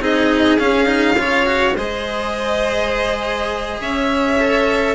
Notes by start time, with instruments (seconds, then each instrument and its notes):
0.00 bassoon C4, cello D#4, violin G#4 D#5
0.59 cello C#4, bassoon C#4, violin F5
0.86 cello D#4
1.17 bassoon C#3, cello F4, violin C#5
1.46 cello F#4
1.76 bassoon G#3, cello G#4, violin C5 D#5
3.81 bassoon C#4, violin C#5 E5
4.40 cello A4